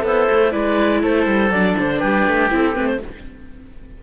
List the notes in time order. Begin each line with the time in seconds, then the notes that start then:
0.00 B3 E4 A4 C5
0.30 A3
0.51 G#3 E4 B4 D5
1.02 A3 A4 C5
1.27 G3
1.51 F#3 D4 D5
1.79 D3 C5
1.99 G3 G4 B4
2.28 A3
2.50 C4 E4 A4
2.74 A3 C4 B4
2.87 C5